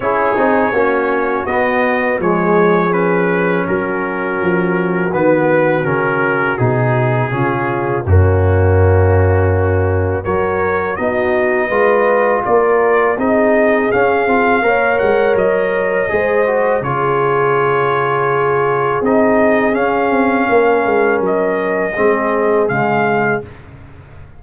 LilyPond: <<
  \new Staff \with { instrumentName = "trumpet" } { \time 4/4 \tempo 4 = 82 cis''2 dis''4 cis''4 | b'4 ais'2 b'4 | ais'4 gis'2 fis'4~ | fis'2 cis''4 dis''4~ |
dis''4 d''4 dis''4 f''4~ | f''8 fis''8 dis''2 cis''4~ | cis''2 dis''4 f''4~ | f''4 dis''2 f''4 | }
  \new Staff \with { instrumentName = "horn" } { \time 4/4 gis'4 fis'2 gis'4~ | gis'4 fis'2.~ | fis'2 f'4 cis'4~ | cis'2 ais'4 fis'4 |
b'4 ais'4 gis'2 | cis''2 c''4 gis'4~ | gis'1 | ais'2 gis'2 | }
  \new Staff \with { instrumentName = "trombone" } { \time 4/4 e'8 dis'8 cis'4 b4 gis4 | cis'2. b4 | cis'4 dis'4 cis'4 ais4~ | ais2 fis'4 dis'4 |
f'2 dis'4 cis'8 f'8 | ais'2 gis'8 fis'8 f'4~ | f'2 dis'4 cis'4~ | cis'2 c'4 gis4 | }
  \new Staff \with { instrumentName = "tuba" } { \time 4/4 cis'8 c'8 ais4 b4 f4~ | f4 fis4 f4 dis4 | cis4 b,4 cis4 fis,4~ | fis,2 fis4 b4 |
gis4 ais4 c'4 cis'8 c'8 | ais8 gis8 fis4 gis4 cis4~ | cis2 c'4 cis'8 c'8 | ais8 gis8 fis4 gis4 cis4 | }
>>